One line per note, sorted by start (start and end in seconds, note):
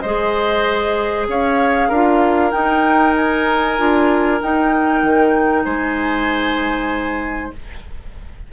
0.00 1.27 G#3
0.00 1.93 G#4
0.00 1.27 C5
0.00 1.25 D#5
1.27 1.90 C#4
1.27 1.88 C#5
1.27 2.51 F5
1.88 2.52 D4
1.88 2.51 F4
1.88 5.63 A#4
2.51 3.76 D#4
2.51 3.79 D#4
2.51 3.14 G5
3.16 4.41 G#5
3.78 4.41 D4
3.78 4.40 F4
4.40 7.52 D#4
4.40 5.03 D#4
4.40 5.64 G5
5.03 5.65 D#3
5.64 7.52 G#3
5.64 7.52 C5
5.64 7.52 G#5